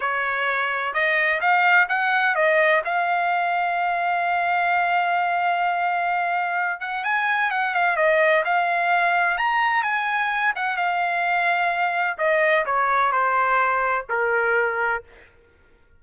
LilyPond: \new Staff \with { instrumentName = "trumpet" } { \time 4/4 \tempo 4 = 128 cis''2 dis''4 f''4 | fis''4 dis''4 f''2~ | f''1~ | f''2~ f''8 fis''8 gis''4 |
fis''8 f''8 dis''4 f''2 | ais''4 gis''4. fis''8 f''4~ | f''2 dis''4 cis''4 | c''2 ais'2 | }